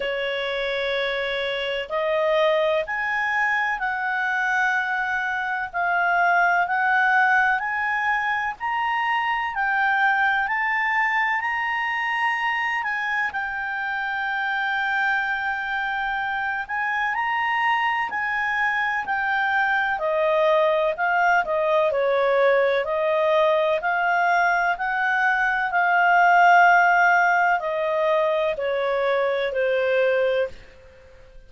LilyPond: \new Staff \with { instrumentName = "clarinet" } { \time 4/4 \tempo 4 = 63 cis''2 dis''4 gis''4 | fis''2 f''4 fis''4 | gis''4 ais''4 g''4 a''4 | ais''4. gis''8 g''2~ |
g''4. gis''8 ais''4 gis''4 | g''4 dis''4 f''8 dis''8 cis''4 | dis''4 f''4 fis''4 f''4~ | f''4 dis''4 cis''4 c''4 | }